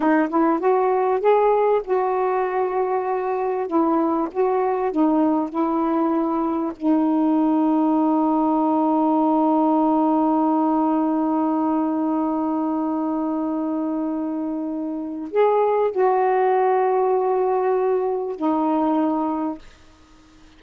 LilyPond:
\new Staff \with { instrumentName = "saxophone" } { \time 4/4 \tempo 4 = 98 dis'8 e'8 fis'4 gis'4 fis'4~ | fis'2 e'4 fis'4 | dis'4 e'2 dis'4~ | dis'1~ |
dis'1~ | dis'1~ | dis'4 gis'4 fis'2~ | fis'2 dis'2 | }